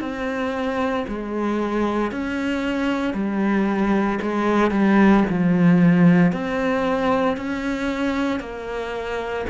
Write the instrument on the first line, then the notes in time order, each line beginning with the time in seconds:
cello
0.00 C4
1.08 G#3
2.11 C#4
3.13 G3
4.22 G#3
4.71 G3
5.29 F3
6.32 C4
7.37 C#4
8.40 A#3